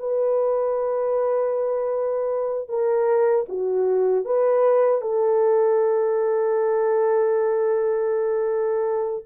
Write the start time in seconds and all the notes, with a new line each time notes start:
0.00 B4
2.69 A#4
3.49 F#4
4.26 B4
5.02 A4